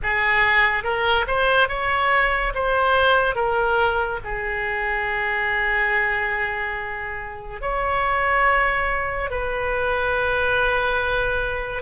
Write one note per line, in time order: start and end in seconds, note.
0.02 0.83 G#4
0.83 1.25 A#4
1.27 1.68 C5
1.68 2.53 C#5
2.54 3.35 C5
3.35 4.19 A#4
4.23 7.61 G#4
7.61 9.30 C#5
9.30 11.82 B4